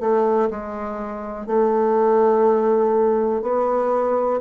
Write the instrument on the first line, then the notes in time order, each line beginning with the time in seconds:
bassoon
0.00 A3
0.51 G#3
1.47 A3
3.42 B3